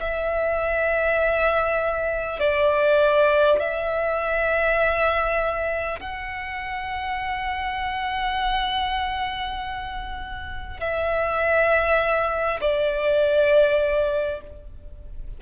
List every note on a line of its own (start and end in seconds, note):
0.00 2.39 E5
2.39 3.59 D5
3.59 5.99 E5
6.00 10.80 F#5
10.80 12.60 E5
12.61 14.41 D5